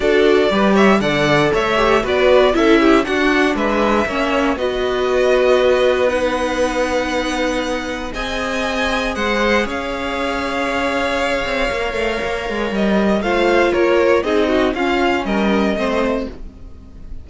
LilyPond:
<<
  \new Staff \with { instrumentName = "violin" } { \time 4/4 \tempo 4 = 118 d''4. e''8 fis''4 e''4 | d''4 e''4 fis''4 e''4~ | e''4 dis''2. | fis''1 |
gis''2 fis''4 f''4~ | f''1~ | f''4 dis''4 f''4 cis''4 | dis''4 f''4 dis''2 | }
  \new Staff \with { instrumentName = "violin" } { \time 4/4 a'4 b'8 cis''8 d''4 cis''4 | b'4 a'8 g'8 fis'4 b'4 | cis''4 b'2.~ | b'1 |
dis''2 c''4 cis''4~ | cis''1~ | cis''2 c''4 ais'4 | gis'8 fis'8 f'4 ais'4 c''4 | }
  \new Staff \with { instrumentName = "viola" } { \time 4/4 fis'4 g'4 a'4. g'8 | fis'4 e'4 d'2 | cis'4 fis'2. | dis'1 |
gis'1~ | gis'2. ais'4~ | ais'2 f'2 | dis'4 cis'2 c'4 | }
  \new Staff \with { instrumentName = "cello" } { \time 4/4 d'4 g4 d4 a4 | b4 cis'4 d'4 gis4 | ais4 b2.~ | b1 |
c'2 gis4 cis'4~ | cis'2~ cis'8 c'8 ais8 a8 | ais8 gis8 g4 a4 ais4 | c'4 cis'4 g4 a4 | }
>>